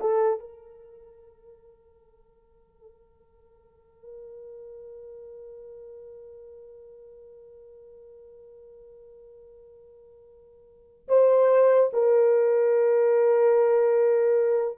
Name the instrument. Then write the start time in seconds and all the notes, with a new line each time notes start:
horn
0.00 A4
0.39 A#4
11.08 C5
11.93 A#4